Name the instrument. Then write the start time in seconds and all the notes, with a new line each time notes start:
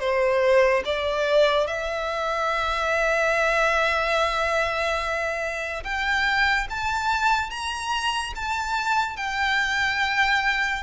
violin
0.00 C5
0.85 D5
1.67 E5
5.84 G5
6.70 A5
7.50 A#5
8.36 A5
9.17 G5